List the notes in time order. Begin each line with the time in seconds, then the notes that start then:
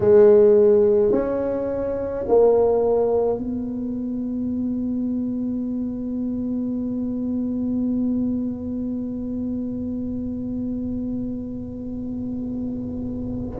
0.00 G#3
1.12 C#4
2.27 A#3
3.38 B3